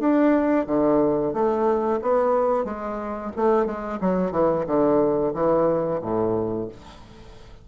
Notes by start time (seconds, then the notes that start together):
0.00 D4
0.67 D3
1.34 A3
2.02 B3
2.65 G#3
3.37 A3
3.66 G#3
4.01 F#3
4.32 E3
4.67 D3
5.34 E3
6.02 A2